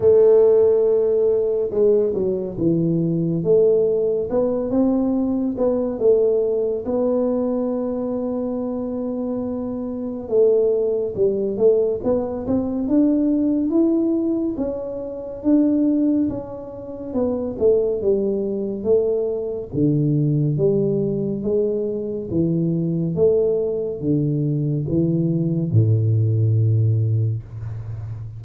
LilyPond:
\new Staff \with { instrumentName = "tuba" } { \time 4/4 \tempo 4 = 70 a2 gis8 fis8 e4 | a4 b8 c'4 b8 a4 | b1 | a4 g8 a8 b8 c'8 d'4 |
e'4 cis'4 d'4 cis'4 | b8 a8 g4 a4 d4 | g4 gis4 e4 a4 | d4 e4 a,2 | }